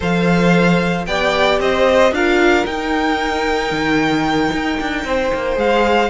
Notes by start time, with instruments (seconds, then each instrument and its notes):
0.00 cello F3, viola A4, violin C5 F5
1.06 cello B3, viola G4, violin D5 G5
1.59 cello C4, violin C5 D#5
2.11 cello D4, viola F4, violin A#4 F5
2.65 viola D#4, cello D#4, violin G5
3.71 cello D#3
4.52 cello D#4
4.80 cello D4
5.04 cello C4, violin C5
5.34 cello A#3
5.55 cello G#3, viola G#4, violin F5